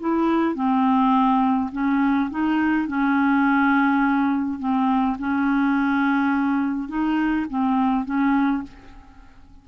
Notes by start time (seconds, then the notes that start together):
0.00 E4
0.55 C4
1.72 C#4
2.30 D#4
2.87 C#4
4.59 C4
5.18 C#4
6.88 D#4
7.49 C4
8.05 C#4